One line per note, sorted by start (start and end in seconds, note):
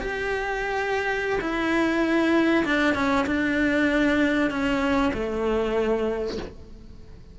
0.00 1.39 G4
1.41 2.64 E4
2.65 2.94 D4
2.94 3.25 C#4
3.26 4.50 D4
4.50 5.12 C#4
5.13 6.37 A3